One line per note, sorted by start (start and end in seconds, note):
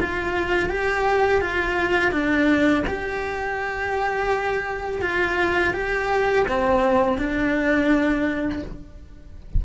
0.00 0.70 F4
0.70 1.41 G4
1.41 2.12 F4
2.12 2.84 D4
2.87 5.02 G4
5.02 5.74 F4
5.74 6.46 G4
6.48 7.18 C4
7.18 8.63 D4